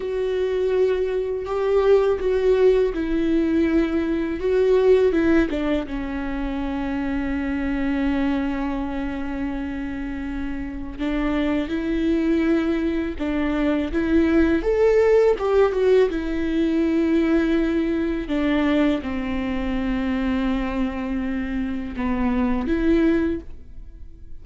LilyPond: \new Staff \with { instrumentName = "viola" } { \time 4/4 \tempo 4 = 82 fis'2 g'4 fis'4 | e'2 fis'4 e'8 d'8 | cis'1~ | cis'2. d'4 |
e'2 d'4 e'4 | a'4 g'8 fis'8 e'2~ | e'4 d'4 c'2~ | c'2 b4 e'4 | }